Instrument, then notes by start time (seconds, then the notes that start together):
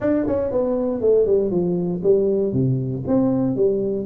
tuba
0.00 D4
0.27 C#4
0.51 B3
1.00 A3
1.26 G3
1.50 F3
2.03 G3
2.53 C3
3.07 C4
3.56 G3